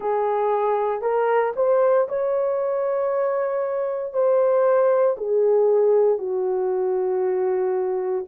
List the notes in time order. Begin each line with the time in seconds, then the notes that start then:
0.00 G#4
1.01 A#4
1.56 C5
2.08 C#5
4.13 C5
5.17 G#4
6.18 F#4